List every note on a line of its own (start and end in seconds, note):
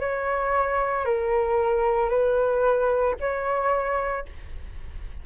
0.00 1.05 C#5
1.05 2.10 A#4
2.10 3.15 B4
3.21 4.26 C#5